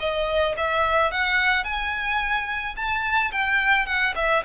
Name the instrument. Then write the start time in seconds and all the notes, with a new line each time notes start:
violin
0.00 D#5
0.58 E5
1.12 F#5
1.65 G#5
2.76 A5
3.32 G5
3.86 F#5
4.16 E5